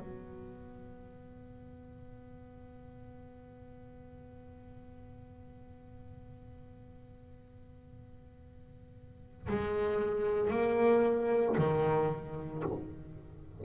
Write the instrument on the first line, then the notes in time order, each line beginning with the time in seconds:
double bass
0.00 B3
9.49 G#3
10.51 A#3
11.58 D#3